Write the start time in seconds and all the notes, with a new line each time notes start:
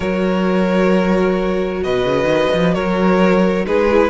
0.00 F#3 F#4 A#4 C#5
1.83 B2 B4 D#5
2.04 C#3
2.24 D#3
2.53 F3
2.74 F#3 A#4 C#5
3.63 G#3 D#4 G#4 B4
3.90 E4